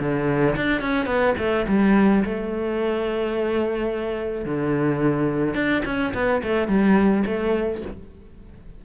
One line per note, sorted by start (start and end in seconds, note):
0.00 0.56 D3
0.56 0.82 D4
0.82 1.07 C#4
1.07 1.35 B3
1.38 1.66 A3
1.68 2.25 G3
2.25 4.46 A3
4.46 5.55 D3
5.55 5.83 D4
5.86 6.14 C#4
6.14 6.42 B3
6.44 6.68 A3
6.68 7.24 G3
7.26 7.82 A3